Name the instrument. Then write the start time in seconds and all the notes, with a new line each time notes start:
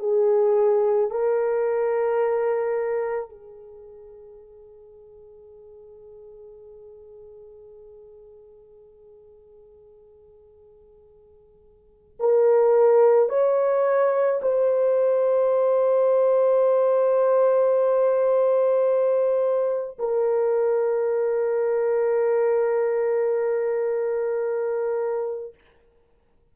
horn
0.00 G#4
1.11 A#4
3.29 G#4
12.20 A#4
13.29 C#5
14.42 C5
19.99 A#4